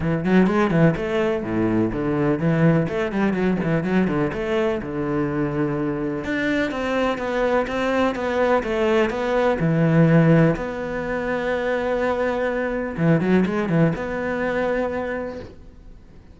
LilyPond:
\new Staff \with { instrumentName = "cello" } { \time 4/4 \tempo 4 = 125 e8 fis8 gis8 e8 a4 a,4 | d4 e4 a8 g8 fis8 e8 | fis8 d8 a4 d2~ | d4 d'4 c'4 b4 |
c'4 b4 a4 b4 | e2 b2~ | b2. e8 fis8 | gis8 e8 b2. | }